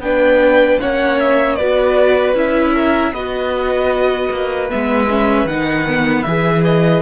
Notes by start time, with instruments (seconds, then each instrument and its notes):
0.00 cello B3, viola D4, violin B4 G5
0.81 cello A#3, viola C#4, violin C#5 F#5
1.20 violin E5
1.55 cello B3, viola F#4, violin B4 D5
2.34 cello C#4, viola E4, violin E5
2.74 violin A#4
3.12 cello B3, viola F#4, violin B4 D#5
4.31 cello A#3
4.70 cello G#3, viola B3, violin E5
5.10 viola C#4
5.45 cello D#3, viola D#4, violin F#5
5.87 viola B3
6.23 cello E3, viola G#4, violin E5
6.64 violin D#5